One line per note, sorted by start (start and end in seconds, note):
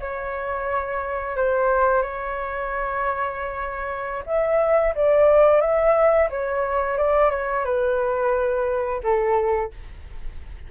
0.00 1.36 C#5
1.36 2.02 C5
2.02 4.24 C#5
4.26 4.94 E5
4.95 5.61 D5
5.61 6.29 E5
6.30 6.97 C#5
6.97 7.30 D5
7.30 7.65 C#5
7.65 9.01 B4
9.03 9.71 A4